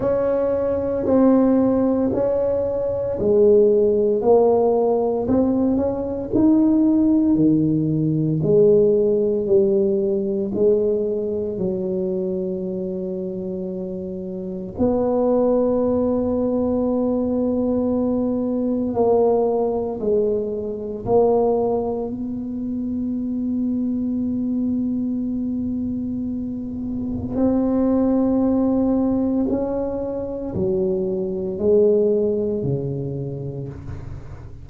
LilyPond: \new Staff \with { instrumentName = "tuba" } { \time 4/4 \tempo 4 = 57 cis'4 c'4 cis'4 gis4 | ais4 c'8 cis'8 dis'4 dis4 | gis4 g4 gis4 fis4~ | fis2 b2~ |
b2 ais4 gis4 | ais4 b2.~ | b2 c'2 | cis'4 fis4 gis4 cis4 | }